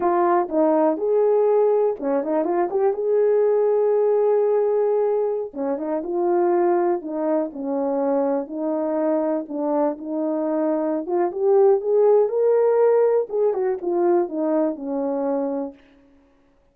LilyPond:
\new Staff \with { instrumentName = "horn" } { \time 4/4 \tempo 4 = 122 f'4 dis'4 gis'2 | cis'8 dis'8 f'8 g'8 gis'2~ | gis'2.~ gis'16 cis'8 dis'16~ | dis'16 f'2 dis'4 cis'8.~ |
cis'4~ cis'16 dis'2 d'8.~ | d'16 dis'2~ dis'16 f'8 g'4 | gis'4 ais'2 gis'8 fis'8 | f'4 dis'4 cis'2 | }